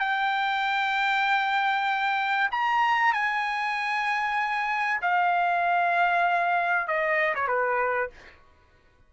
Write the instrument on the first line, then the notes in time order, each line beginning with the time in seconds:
trumpet
0.00 G5
2.51 A#5
3.13 G#5
5.02 F5
6.88 D#5
7.35 C#5
7.48 B4